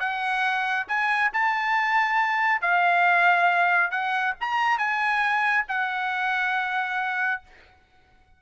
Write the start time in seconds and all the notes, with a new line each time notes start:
0.00 F#5
0.88 G#5
1.33 A5
2.62 F5
3.91 F#5
4.41 A#5
4.78 G#5
5.69 F#5